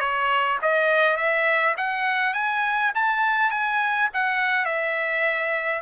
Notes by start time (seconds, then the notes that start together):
0.00 C#5
0.62 D#5
1.17 E5
1.77 F#5
2.34 G#5
2.95 A5
3.51 G#5
4.14 F#5
4.65 E5